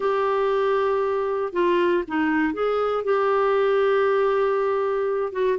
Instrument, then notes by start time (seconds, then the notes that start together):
clarinet
0.00 G4
1.52 F4
2.07 D#4
2.53 G#4
3.04 G4
5.32 F#4